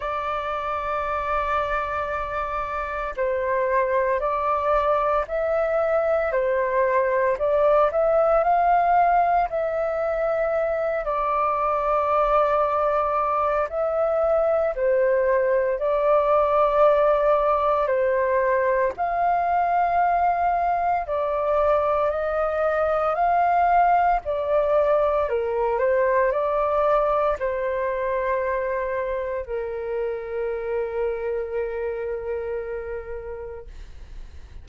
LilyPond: \new Staff \with { instrumentName = "flute" } { \time 4/4 \tempo 4 = 57 d''2. c''4 | d''4 e''4 c''4 d''8 e''8 | f''4 e''4. d''4.~ | d''4 e''4 c''4 d''4~ |
d''4 c''4 f''2 | d''4 dis''4 f''4 d''4 | ais'8 c''8 d''4 c''2 | ais'1 | }